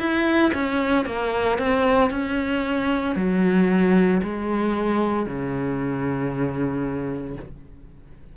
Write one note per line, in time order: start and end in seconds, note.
0.00 0.53 E4
0.54 1.06 C#4
1.06 1.59 A#3
1.59 2.11 C4
2.11 3.16 C#4
3.16 4.22 F#3
4.23 5.27 G#3
5.27 7.37 C#3